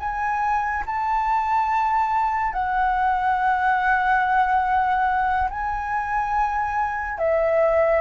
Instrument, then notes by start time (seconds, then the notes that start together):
flute
0.00 G#5
0.86 A5
2.54 F#5
5.50 G#5
7.19 E5